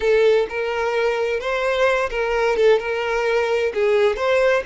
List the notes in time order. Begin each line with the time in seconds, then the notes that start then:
0.00 A4
0.49 A#4
1.40 C5
2.10 A#4
2.56 A4
2.79 A#4
3.74 G#4
4.16 C5